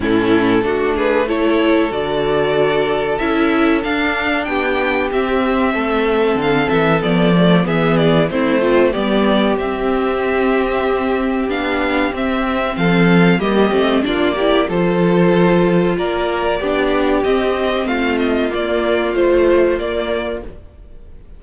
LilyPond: <<
  \new Staff \with { instrumentName = "violin" } { \time 4/4 \tempo 4 = 94 a'4. b'8 cis''4 d''4~ | d''4 e''4 f''4 g''4 | e''2 f''8 e''8 d''4 | e''8 d''8 c''4 d''4 e''4~ |
e''2 f''4 e''4 | f''4 dis''4 d''4 c''4~ | c''4 d''2 dis''4 | f''8 dis''8 d''4 c''4 d''4 | }
  \new Staff \with { instrumentName = "violin" } { \time 4/4 e'4 fis'8 gis'8 a'2~ | a'2. g'4~ | g'4 a'2. | gis'4 e'8 c'8 g'2~ |
g'1 | a'4 g'4 f'8 g'8 a'4~ | a'4 ais'4 g'2 | f'1 | }
  \new Staff \with { instrumentName = "viola" } { \time 4/4 cis'4 d'4 e'4 fis'4~ | fis'4 e'4 d'2 | c'2. b8 a8 | b4 c'8 f'8 b4 c'4~ |
c'2 d'4 c'4~ | c'4 ais8 c'8 d'8 e'8 f'4~ | f'2 d'4 c'4~ | c'4 ais4 f4 ais4 | }
  \new Staff \with { instrumentName = "cello" } { \time 4/4 a,4 a2 d4~ | d4 cis'4 d'4 b4 | c'4 a4 d8 e8 f4 | e4 a4 g4 c'4~ |
c'2 b4 c'4 | f4 g8 a8 ais4 f4~ | f4 ais4 b4 c'4 | a4 ais4 a4 ais4 | }
>>